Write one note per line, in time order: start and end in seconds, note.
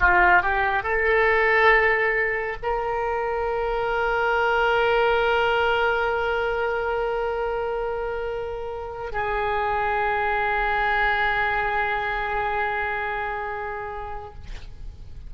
0.00 0.43 F4
0.43 0.83 G4
0.83 2.57 A4
2.63 9.13 A#4
9.13 14.34 G#4